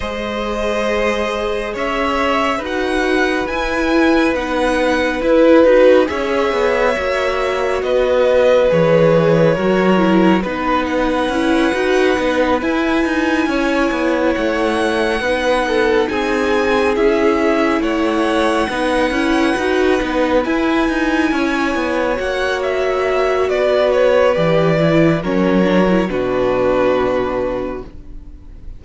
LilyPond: <<
  \new Staff \with { instrumentName = "violin" } { \time 4/4 \tempo 4 = 69 dis''2 e''4 fis''4 | gis''4 fis''4 b'4 e''4~ | e''4 dis''4 cis''2 | b'8 fis''2 gis''4.~ |
gis''8 fis''2 gis''4 e''8~ | e''8 fis''2. gis''8~ | gis''4. fis''8 e''4 d''8 cis''8 | d''4 cis''4 b'2 | }
  \new Staff \with { instrumentName = "violin" } { \time 4/4 c''2 cis''4 b'4~ | b'2. cis''4~ | cis''4 b'2 ais'4 | b'2.~ b'8 cis''8~ |
cis''4. b'8 a'8 gis'4.~ | gis'8 cis''4 b'2~ b'8~ | b'8 cis''2~ cis''8 b'4~ | b'4 ais'4 fis'2 | }
  \new Staff \with { instrumentName = "viola" } { \time 4/4 gis'2. fis'4 | e'4 dis'4 e'8 fis'8 gis'4 | fis'2 gis'4 fis'8 e'8 | dis'4 e'8 fis'8 dis'8 e'4.~ |
e'4. dis'2 e'8~ | e'4. dis'8 e'8 fis'8 dis'8 e'8~ | e'4. fis'2~ fis'8 | g'8 e'8 cis'8 d'16 e'16 d'2 | }
  \new Staff \with { instrumentName = "cello" } { \time 4/4 gis2 cis'4 dis'4 | e'4 b4 e'8 dis'8 cis'8 b8 | ais4 b4 e4 fis4 | b4 cis'8 dis'8 b8 e'8 dis'8 cis'8 |
b8 a4 b4 c'4 cis'8~ | cis'8 a4 b8 cis'8 dis'8 b8 e'8 | dis'8 cis'8 b8 ais4. b4 | e4 fis4 b,2 | }
>>